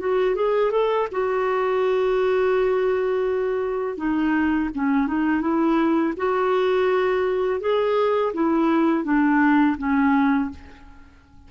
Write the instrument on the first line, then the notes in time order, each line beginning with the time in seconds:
clarinet
0.00 F#4
0.35 G#4
0.72 A4
1.12 F#4
3.98 D#4
4.75 C#4
5.08 D#4
5.42 E4
6.17 F#4
7.61 G#4
8.34 E4
9.05 D4
9.78 C#4